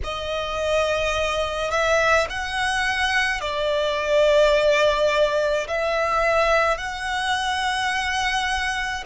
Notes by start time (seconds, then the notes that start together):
0.03 D#5
1.70 E5
2.30 F#5
3.41 D5
5.67 E5
6.77 F#5